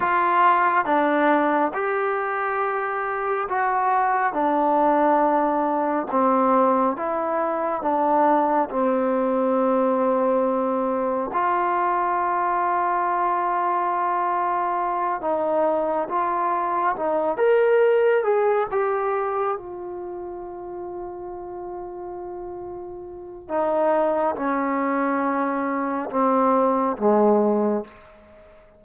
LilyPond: \new Staff \with { instrumentName = "trombone" } { \time 4/4 \tempo 4 = 69 f'4 d'4 g'2 | fis'4 d'2 c'4 | e'4 d'4 c'2~ | c'4 f'2.~ |
f'4. dis'4 f'4 dis'8 | ais'4 gis'8 g'4 f'4.~ | f'2. dis'4 | cis'2 c'4 gis4 | }